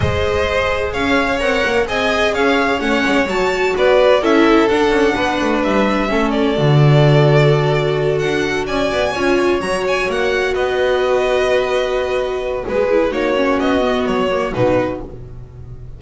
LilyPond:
<<
  \new Staff \with { instrumentName = "violin" } { \time 4/4 \tempo 4 = 128 dis''2 f''4 fis''4 | gis''4 f''4 fis''4 a''4 | d''4 e''4 fis''2 | e''4. d''2~ d''8~ |
d''4. fis''4 gis''4.~ | gis''8 ais''8 gis''8 fis''4 dis''4.~ | dis''2. b'4 | cis''4 dis''4 cis''4 b'4 | }
  \new Staff \with { instrumentName = "violin" } { \time 4/4 c''2 cis''2 | dis''4 cis''2. | b'4 a'2 b'4~ | b'4 a'2.~ |
a'2~ a'8 d''4 cis''8~ | cis''2~ cis''8 b'4.~ | b'2. gis'4 | fis'1 | }
  \new Staff \with { instrumentName = "viola" } { \time 4/4 gis'2. ais'4 | gis'2 cis'4 fis'4~ | fis'4 e'4 d'2~ | d'4 cis'4 fis'2~ |
fis'2.~ fis'8 f'8~ | f'8 fis'2.~ fis'8~ | fis'2.~ fis'8 e'8 | dis'8 cis'4 b4 ais8 dis'4 | }
  \new Staff \with { instrumentName = "double bass" } { \time 4/4 gis2 cis'4 c'8 ais8 | c'4 cis'4 a8 gis8 fis4 | b4 cis'4 d'8 cis'8 b8 a8 | g4 a4 d2~ |
d4. d'4 cis'8 b8 cis'8~ | cis'8 fis4 ais4 b4.~ | b2. gis4 | ais4 b4 fis4 b,4 | }
>>